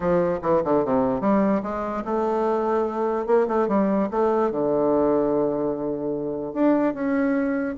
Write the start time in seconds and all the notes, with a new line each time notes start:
0.00 F3
0.42 E3
0.64 D3
0.85 C3
1.20 G3
1.63 G#3
2.04 A3
3.26 A#3
3.47 A3
3.68 G3
4.10 A3
4.51 D3
6.53 D4
6.94 C#4